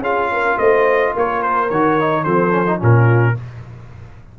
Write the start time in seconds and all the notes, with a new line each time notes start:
0.00 C#4 F4 G#4 F5
0.32 A#4
0.58 A3 C5 D#5
1.14 A#3 A#4 C#5
1.42 C5
1.70 D#3 F#4 C#5
2.00 D#4
2.24 F3 C4 A4 C5
2.50 C#4
2.67 D#4
2.79 A#2 C#4 F4 A#4